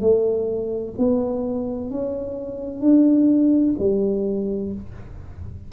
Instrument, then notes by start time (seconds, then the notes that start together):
tuba
0.00 A3
0.98 B3
1.90 C#4
2.80 D4
3.78 G3